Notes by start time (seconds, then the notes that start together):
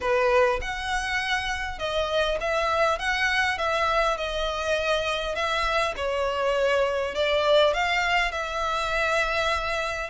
0.00 B4
0.61 F#5
1.78 D#5
2.40 E5
2.98 F#5
3.58 E5
4.17 D#5
5.35 E5
5.96 C#5
7.14 D5
7.73 F5
8.31 E5